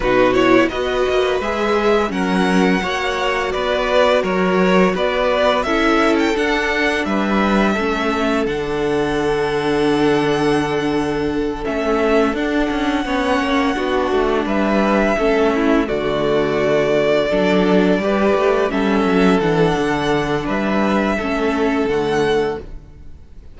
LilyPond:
<<
  \new Staff \with { instrumentName = "violin" } { \time 4/4 \tempo 4 = 85 b'8 cis''8 dis''4 e''4 fis''4~ | fis''4 d''4 cis''4 d''4 | e''8. g''16 fis''4 e''2 | fis''1~ |
fis''8 e''4 fis''2~ fis''8~ | fis''8 e''2 d''4.~ | d''2~ d''8 e''4 fis''8~ | fis''4 e''2 fis''4 | }
  \new Staff \with { instrumentName = "violin" } { \time 4/4 fis'4 b'2 ais'4 | cis''4 b'4 ais'4 b'4 | a'2 b'4 a'4~ | a'1~ |
a'2~ a'8 cis''4 fis'8~ | fis'8 b'4 a'8 e'8 fis'4.~ | fis'8 a'4 b'4 a'4.~ | a'4 b'4 a'2 | }
  \new Staff \with { instrumentName = "viola" } { \time 4/4 dis'8 e'8 fis'4 gis'4 cis'4 | fis'1 | e'4 d'2 cis'4 | d'1~ |
d'8 cis'4 d'4 cis'4 d'8~ | d'4. cis'4 a4.~ | a8 d'4 g'4 cis'4 d'8~ | d'2 cis'4 a4 | }
  \new Staff \with { instrumentName = "cello" } { \time 4/4 b,4 b8 ais8 gis4 fis4 | ais4 b4 fis4 b4 | cis'4 d'4 g4 a4 | d1~ |
d8 a4 d'8 cis'8 b8 ais8 b8 | a8 g4 a4 d4.~ | d8 fis4 g8 a8 g8 fis8 e8 | d4 g4 a4 d4 | }
>>